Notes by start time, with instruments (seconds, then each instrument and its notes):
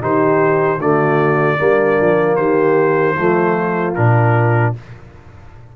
0.00 tuba D#3, trombone D#4, horn G4, trumpet C5
0.78 tuba D3, trombone A3, horn F#4, trumpet D5
1.58 tuba G3, trombone A#3, horn D4
2.00 tuba F3
2.36 tuba D#3, horn G4, trumpet C5
3.14 tuba F3, trombone A3, horn F4
3.94 tuba A#2, trombone D4, trumpet A#4